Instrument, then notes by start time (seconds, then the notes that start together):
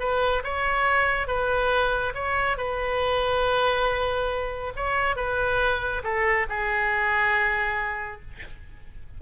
oboe
0.00 B4
0.44 C#5
1.27 B4
2.15 C#5
2.58 B4
4.76 C#5
5.16 B4
6.04 A4
6.49 G#4